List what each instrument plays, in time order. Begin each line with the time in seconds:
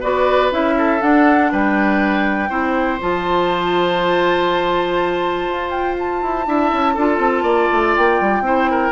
0.00 bassoon B3, clarinet F#4, oboe B4, flute D5
0.51 bassoon C#4, clarinet E4, flute E5
0.77 oboe A4
0.99 clarinet D4, bassoon D4, flute F#5
1.52 bassoon G3, oboe B4, flute G5
2.49 bassoon C4, clarinet E4, oboe C5
3.00 bassoon F3, clarinet F4, flute A5
5.47 bassoon F4
5.70 flute G5
5.99 flute A5
6.22 bassoon E4
6.45 bassoon D4, clarinet E4, oboe E5
6.72 bassoon C#4
6.93 bassoon D4, clarinet F4, oboe A4
7.18 bassoon C4
7.43 bassoon A#3, oboe D5
7.71 bassoon A3
7.96 bassoon A#3, flute G5
8.20 bassoon G3
8.41 bassoon C4, clarinet E4, oboe C5
8.70 oboe A#4